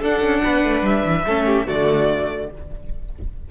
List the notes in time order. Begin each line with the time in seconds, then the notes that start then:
0.00 D4 A4 F#5
0.20 C#4
0.43 B3 B4
0.64 A3
0.82 G3 E5
1.05 E3
1.26 A3 C#4 A4
1.46 G4
1.66 D3 A3 F#4 D5